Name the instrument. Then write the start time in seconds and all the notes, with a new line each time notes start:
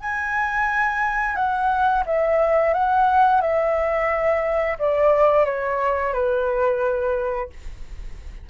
flute
0.00 G#5
1.35 F#5
2.06 E5
2.74 F#5
3.41 E5
4.79 D5
5.45 C#5
6.13 B4